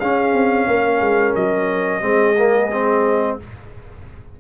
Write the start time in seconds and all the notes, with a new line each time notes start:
0.00 C#4 G#4 F5
0.33 C4
0.67 A#3 A#4
1.01 G#3
1.35 F#3 D#5
2.01 G#3 C4 G#4
2.38 A#3
2.73 C4